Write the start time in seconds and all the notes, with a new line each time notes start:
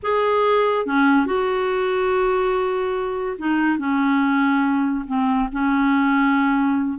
0.02 G#4
0.85 C#4
1.25 F#4
3.38 D#4
3.78 C#4
5.07 C4
5.51 C#4